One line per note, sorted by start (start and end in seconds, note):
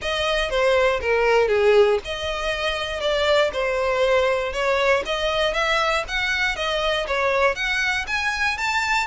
0.01 0.50 D#5
0.50 1.00 C5
1.01 1.48 A#4
1.48 1.98 G#4
2.04 3.00 D#5
3.00 3.50 D5
3.52 4.52 C5
4.52 5.03 C#5
5.05 5.53 D#5
5.53 6.04 E5
6.08 6.55 F#5
6.55 7.06 D#5
7.07 7.55 C#5
7.55 8.05 F#5
8.07 8.57 G#5
8.57 9.06 A5